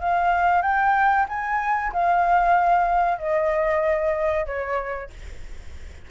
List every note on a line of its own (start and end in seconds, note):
0.00 0.62 F5
0.62 1.26 G5
1.28 1.92 G#5
1.93 3.19 F5
3.19 4.46 D#5
4.46 5.10 C#5